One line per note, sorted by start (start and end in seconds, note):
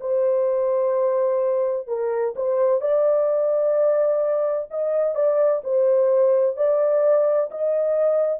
0.00 1.87 C5
1.87 2.34 A#4
2.36 2.81 C5
2.81 4.68 D5
4.70 5.15 D#5
5.15 5.62 D5
5.64 6.56 C5
6.56 7.50 D5
7.51 8.39 D#5